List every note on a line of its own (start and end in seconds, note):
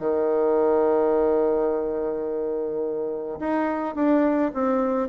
0.00 3.40 D#3
3.40 3.95 D#4
3.95 4.52 D4
4.54 5.09 C4